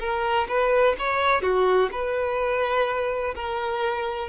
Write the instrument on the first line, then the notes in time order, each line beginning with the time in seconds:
violin
0.00 A#4
0.48 B4
0.98 C#5
1.42 F#4
1.92 B4
3.35 A#4